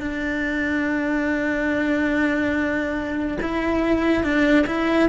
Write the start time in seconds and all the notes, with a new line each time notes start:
0.00 D4
3.42 E4
4.24 D4
4.67 E4